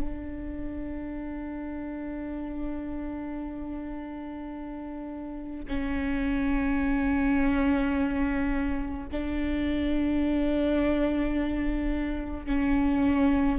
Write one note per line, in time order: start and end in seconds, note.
0.00 5.66 D4
5.69 9.08 C#4
9.12 12.46 D4
12.46 13.59 C#4